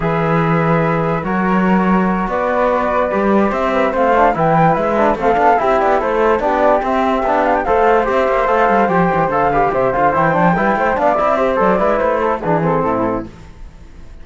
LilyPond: <<
  \new Staff \with { instrumentName = "flute" } { \time 4/4 \tempo 4 = 145 e''2. cis''4~ | cis''4. d''2~ d''8~ | d''8 e''4 f''4 g''4 e''8~ | e''8 f''4 e''8 d''8 c''4 d''8~ |
d''8 e''4. f''16 g''16 f''4 e''8~ | e''8 f''4 g''4 f''4 e''8 | f''8 g''2 f''8 e''4 | d''4 c''4 b'8 a'4. | }
  \new Staff \with { instrumentName = "flute" } { \time 4/4 b'2. ais'4~ | ais'4. b'2~ b'8~ | b'8 c''8 b'8 c''4 b'4.~ | b'8 a'4 g'4 a'4 g'8~ |
g'2~ g'8 c''4.~ | c''2. b'8 c''8~ | c''4. b'8 c''8 d''4 c''8~ | c''8 b'4 a'8 gis'4 e'4 | }
  \new Staff \with { instrumentName = "trombone" } { \time 4/4 gis'2. fis'4~ | fis'2.~ fis'8 g'8~ | g'4. c'8 d'8 e'4. | d'8 c'8 d'8 e'2 d'8~ |
d'8 c'4 d'4 a'4 g'8~ | g'8 a'4 g'4 a'8 g'4 | f'8 e'8 d'8 e'4 d'8 e'8 g'8 | a'8 e'4. d'8 c'4. | }
  \new Staff \with { instrumentName = "cello" } { \time 4/4 e2. fis4~ | fis4. b2 g8~ | g8 c'4 a4 e4 gis8~ | gis8 a8 b8 c'8 b8 a4 b8~ |
b8 c'4 b4 a4 c'8 | ais8 a8 g8 f8 e8 d4 c8 | d8 e8 f8 g8 a8 b8 c'4 | fis8 gis8 a4 e4 a,4 | }
>>